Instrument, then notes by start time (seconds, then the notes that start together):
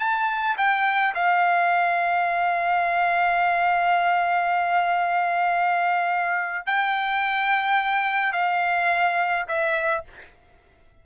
trumpet
0.00 A5
0.58 G5
1.15 F5
6.67 G5
8.33 F5
9.48 E5